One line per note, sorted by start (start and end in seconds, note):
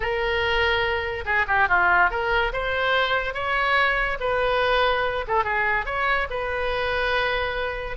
0.00 1.24 A#4
1.25 1.46 G#4
1.47 1.68 G4
1.68 2.10 F4
2.10 2.52 A#4
2.53 3.34 C5
3.34 4.17 C#5
4.20 5.25 B4
5.27 5.44 A4
5.44 5.85 G#4
5.85 6.27 C#5
6.30 7.97 B4